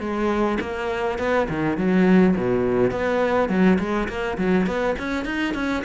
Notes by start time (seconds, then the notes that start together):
0.00 G#3
0.60 A#3
1.18 B3
1.49 D#3
1.77 F#3
2.36 B2
2.91 B3
3.49 F#3
3.79 G#3
4.08 A#3
4.38 F#3
4.66 B3
4.99 C#4
5.25 D#4
5.54 C#4